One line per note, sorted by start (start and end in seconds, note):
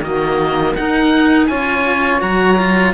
0.00 0.73 D#3
0.00 0.76 A#3
0.00 0.75 F#4
0.00 0.75 D#5
0.75 1.48 D#4
0.75 1.50 D#4
0.75 1.48 A#4
0.75 1.47 F#5
1.47 2.22 C#4
1.47 2.21 F4
1.47 2.94 C#5
1.47 2.20 G#5
2.21 2.94 F#3
2.21 2.57 F#4
2.21 2.94 A#5
2.58 2.94 F4